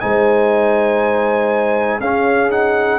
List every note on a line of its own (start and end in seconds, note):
0.00 2.00 G#3
0.00 2.01 D#4
0.00 2.01 C5
0.00 2.00 G#5
2.00 3.00 C#4
2.00 2.51 C#4
2.00 3.00 G#4
2.00 2.51 F5
2.51 3.00 D#4
2.51 3.00 F#5